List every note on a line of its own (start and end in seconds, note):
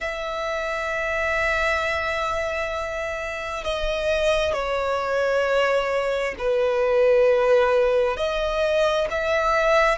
0.00 3.64 E5
3.64 4.52 D#5
4.52 6.34 C#5
6.38 8.16 B4
8.16 9.07 D#5
9.10 9.98 E5